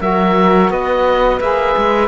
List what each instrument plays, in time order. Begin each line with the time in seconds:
0.00 cello F#3, saxophone F#4, flute A#4, oboe E5
0.70 cello B3, flute B4, oboe D#5
1.40 cello A#3, saxophone G#4, oboe E5
1.77 cello G#3